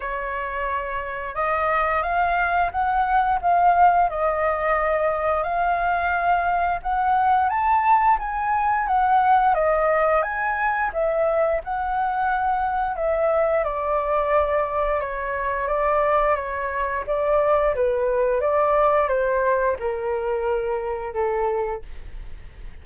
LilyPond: \new Staff \with { instrumentName = "flute" } { \time 4/4 \tempo 4 = 88 cis''2 dis''4 f''4 | fis''4 f''4 dis''2 | f''2 fis''4 a''4 | gis''4 fis''4 dis''4 gis''4 |
e''4 fis''2 e''4 | d''2 cis''4 d''4 | cis''4 d''4 b'4 d''4 | c''4 ais'2 a'4 | }